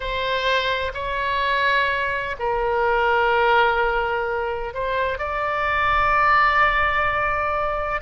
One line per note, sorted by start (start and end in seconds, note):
0.00 0.91 C5
0.94 2.36 C#5
2.39 4.74 A#4
4.74 5.18 C5
5.18 8.01 D5